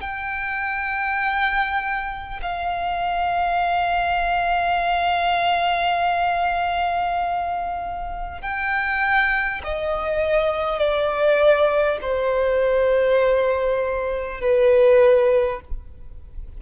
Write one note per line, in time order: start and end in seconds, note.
0.00 2.40 G5
2.41 8.41 F5
8.41 9.61 G5
9.64 10.78 D#5
10.78 11.98 D5
12.01 14.41 C5
14.41 15.61 B4